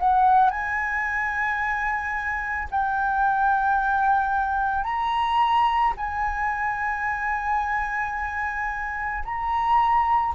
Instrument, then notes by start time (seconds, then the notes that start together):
flute
0.00 F#5
0.50 G#5
2.71 G5
4.84 A#5
5.97 G#5
9.25 A#5